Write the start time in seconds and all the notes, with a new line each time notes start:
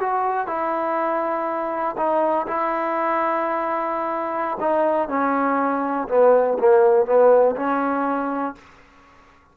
0.00 F#4
0.47 E4
1.97 D#4
2.47 E4
4.60 D#4
5.09 C#4
6.09 B3
6.59 A#3
7.06 B3
7.56 C#4